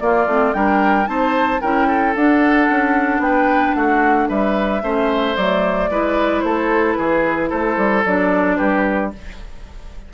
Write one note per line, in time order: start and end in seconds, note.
0.00 0.27 A#3
0.00 0.55 F4
0.00 0.53 D5
0.27 0.53 A3
0.27 0.54 C4
0.53 1.07 G3
0.53 1.05 D4
0.53 1.09 A#4
0.53 1.07 G5
1.05 1.61 C4
1.05 1.59 D#4
1.05 1.61 C5
1.05 1.60 A5
1.61 2.15 C#4
1.61 2.15 E4
1.61 1.87 A#4
1.61 2.14 G5
1.87 3.21 A4
2.15 4.82 D4
2.15 2.69 D4
2.15 3.22 F#5
2.70 3.19 C#4
3.19 3.72 B3
3.19 3.76 B4
3.19 3.74 G5
3.74 4.29 A3
3.74 4.28 F#4
3.74 4.28 F#5
4.28 4.83 G3
4.28 4.82 B4
4.28 5.36 E5
4.82 5.36 A3
4.82 5.36 C#4
4.82 5.90 C5
5.36 5.90 F#3
5.36 5.91 A3
5.36 6.40 D5
5.90 6.43 G#3
5.90 8.05 E4
5.90 6.44 B4
6.40 6.97 A3
6.40 6.97 A4
6.40 6.92 C5
6.92 7.51 E3
6.92 7.49 G#4
6.92 7.46 B4
7.49 7.77 A3
7.49 8.56 A4
7.49 8.04 C5
7.77 8.04 G3
8.05 8.59 F#3
8.05 9.13 D4
8.05 8.56 D5
8.56 9.13 G3
8.56 9.11 G4
8.56 9.10 B4